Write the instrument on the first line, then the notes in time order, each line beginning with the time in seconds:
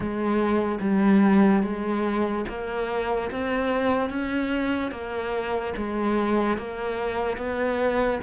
cello
0.00 G#3
0.80 G3
1.63 G#3
2.48 A#3
3.31 C4
4.09 C#4
4.91 A#3
5.76 G#3
6.57 A#3
7.37 B3